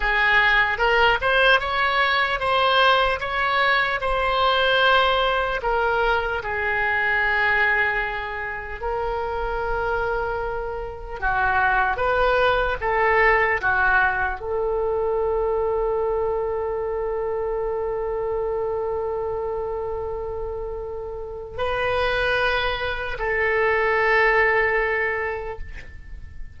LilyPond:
\new Staff \with { instrumentName = "oboe" } { \time 4/4 \tempo 4 = 75 gis'4 ais'8 c''8 cis''4 c''4 | cis''4 c''2 ais'4 | gis'2. ais'4~ | ais'2 fis'4 b'4 |
a'4 fis'4 a'2~ | a'1~ | a'2. b'4~ | b'4 a'2. | }